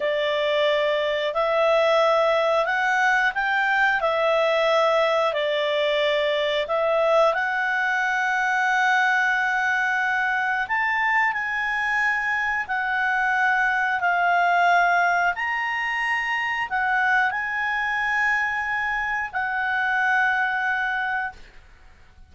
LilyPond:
\new Staff \with { instrumentName = "clarinet" } { \time 4/4 \tempo 4 = 90 d''2 e''2 | fis''4 g''4 e''2 | d''2 e''4 fis''4~ | fis''1 |
a''4 gis''2 fis''4~ | fis''4 f''2 ais''4~ | ais''4 fis''4 gis''2~ | gis''4 fis''2. | }